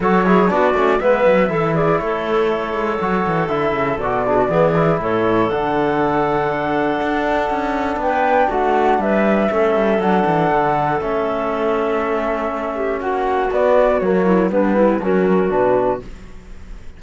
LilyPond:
<<
  \new Staff \with { instrumentName = "flute" } { \time 4/4 \tempo 4 = 120 cis''4 d''4 e''4. d''8 | cis''2. e''4 | d''2 cis''4 fis''4~ | fis''1 |
g''4 fis''4 e''2 | fis''2 e''2~ | e''2 fis''4 d''4 | cis''4 b'4 ais'4 b'4 | }
  \new Staff \with { instrumentName = "clarinet" } { \time 4/4 a'8 gis'8 fis'4 b'4 a'8 gis'8 | a'1~ | a'8 gis'16 fis'16 gis'4 a'2~ | a'1 |
b'4 fis'4 b'4 a'4~ | a'1~ | a'4. g'8 fis'2~ | fis'8 e'8 d'8 e'8 fis'2 | }
  \new Staff \with { instrumentName = "trombone" } { \time 4/4 fis'8 e'8 d'8 cis'8 b4 e'4~ | e'2 fis'4 e'4 | fis'8 d'8 b8 e'4. d'4~ | d'1~ |
d'2. cis'4 | d'2 cis'2~ | cis'2. b4 | ais4 b4 cis'4 d'4 | }
  \new Staff \with { instrumentName = "cello" } { \time 4/4 fis4 b8 a8 gis8 fis8 e4 | a4. gis8 fis8 e8 d8 cis8 | b,4 e4 a,4 d4~ | d2 d'4 cis'4 |
b4 a4 g4 a8 g8 | fis8 e8 d4 a2~ | a2 ais4 b4 | fis4 g4 fis4 b,4 | }
>>